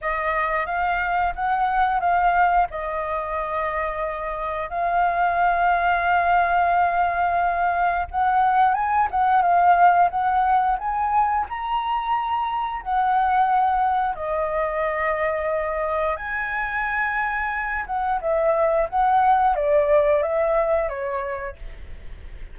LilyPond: \new Staff \with { instrumentName = "flute" } { \time 4/4 \tempo 4 = 89 dis''4 f''4 fis''4 f''4 | dis''2. f''4~ | f''1 | fis''4 gis''8 fis''8 f''4 fis''4 |
gis''4 ais''2 fis''4~ | fis''4 dis''2. | gis''2~ gis''8 fis''8 e''4 | fis''4 d''4 e''4 cis''4 | }